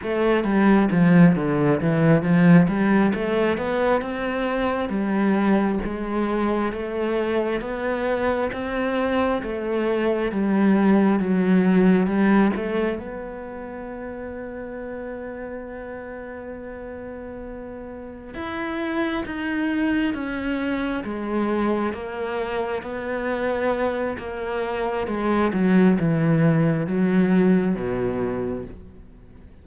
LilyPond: \new Staff \with { instrumentName = "cello" } { \time 4/4 \tempo 4 = 67 a8 g8 f8 d8 e8 f8 g8 a8 | b8 c'4 g4 gis4 a8~ | a8 b4 c'4 a4 g8~ | g8 fis4 g8 a8 b4.~ |
b1~ | b8 e'4 dis'4 cis'4 gis8~ | gis8 ais4 b4. ais4 | gis8 fis8 e4 fis4 b,4 | }